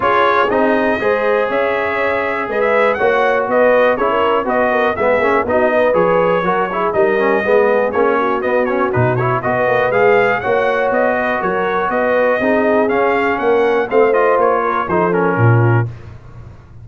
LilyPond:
<<
  \new Staff \with { instrumentName = "trumpet" } { \time 4/4 \tempo 4 = 121 cis''4 dis''2 e''4~ | e''4 dis''16 e''8. fis''4 dis''4 | cis''4 dis''4 e''4 dis''4 | cis''2 dis''2 |
cis''4 dis''8 cis''8 b'8 cis''8 dis''4 | f''4 fis''4 dis''4 cis''4 | dis''2 f''4 fis''4 | f''8 dis''8 cis''4 c''8 ais'4. | }
  \new Staff \with { instrumentName = "horn" } { \time 4/4 gis'2 c''4 cis''4~ | cis''4 b'4 cis''4 b'4 | gis'16 ais'8. b'8 ais'8 gis'4 fis'8 b'8~ | b'4 ais'8 gis'8 ais'4 gis'4~ |
gis'8 fis'2~ fis'8 b'4~ | b'4 cis''4. b'8 ais'4 | b'4 gis'2 ais'4 | c''4. ais'8 a'4 f'4 | }
  \new Staff \with { instrumentName = "trombone" } { \time 4/4 f'4 dis'4 gis'2~ | gis'2 fis'2 | e'4 fis'4 b8 cis'8 dis'4 | gis'4 fis'8 e'8 dis'8 cis'8 b4 |
cis'4 b8 cis'8 dis'8 e'8 fis'4 | gis'4 fis'2.~ | fis'4 dis'4 cis'2 | c'8 f'4. dis'8 cis'4. | }
  \new Staff \with { instrumentName = "tuba" } { \time 4/4 cis'4 c'4 gis4 cis'4~ | cis'4 gis4 ais4 b4 | cis'4 b4 gis8 ais8 b4 | f4 fis4 g4 gis4 |
ais4 b4 b,4 b8 ais8 | gis4 ais4 b4 fis4 | b4 c'4 cis'4 ais4 | a4 ais4 f4 ais,4 | }
>>